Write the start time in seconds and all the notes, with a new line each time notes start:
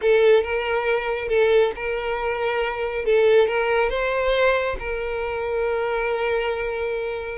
0.01 A4
0.43 A#4
1.28 A4
1.75 A#4
3.05 A4
3.47 A#4
3.89 C5
4.79 A#4